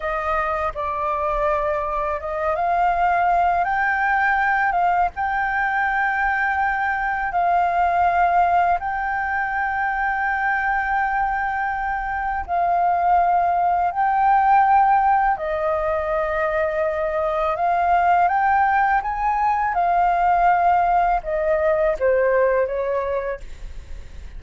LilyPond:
\new Staff \with { instrumentName = "flute" } { \time 4/4 \tempo 4 = 82 dis''4 d''2 dis''8 f''8~ | f''4 g''4. f''8 g''4~ | g''2 f''2 | g''1~ |
g''4 f''2 g''4~ | g''4 dis''2. | f''4 g''4 gis''4 f''4~ | f''4 dis''4 c''4 cis''4 | }